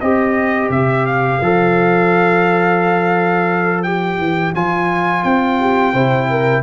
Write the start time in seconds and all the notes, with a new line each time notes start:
0.00 C4 G4 C5 D#5
0.69 C3 E5
1.06 F5
1.41 F3 A4
3.83 G4 G5
4.18 E3
4.55 F3 F4 G#5
5.23 C4 G5
5.60 G4
5.93 C3 E4 C5
6.30 A#4